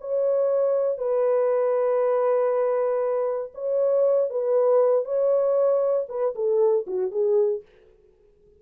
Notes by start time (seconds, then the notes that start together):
0.00 C#5
0.98 B4
3.54 C#5
4.30 B4
5.04 C#5
6.09 B4
6.35 A4
6.86 F#4
7.11 G#4